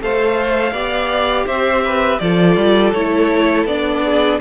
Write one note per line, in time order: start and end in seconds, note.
0.00 0.71 A3
0.00 0.73 A4
0.00 0.73 C5
0.00 1.47 F5
0.71 1.44 B3
0.71 2.20 G4
0.71 1.46 D5
1.46 2.19 C4
1.46 1.83 C5
1.46 2.19 E5
1.85 2.21 B4
2.19 2.56 F3
2.19 2.94 F4
2.19 4.04 A4
2.19 2.92 D5
2.56 2.93 G3
2.92 3.65 A3
2.92 3.68 E4
2.92 3.65 C#5
3.65 4.38 B3
3.65 4.41 D4
3.65 4.39 D5
4.04 4.41 G#4